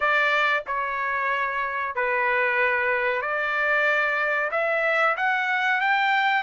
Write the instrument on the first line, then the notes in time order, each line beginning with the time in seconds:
trumpet
0.00 D5
0.66 C#5
1.95 B4
3.21 D5
4.51 E5
5.16 F#5
5.80 G5